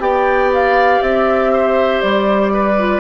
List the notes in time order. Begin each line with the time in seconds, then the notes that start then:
0.00 B3 G4 D5 G5
0.53 F5
1.02 C4 E5
1.53 C5
2.02 G3 D5
2.54 B4
2.78 F4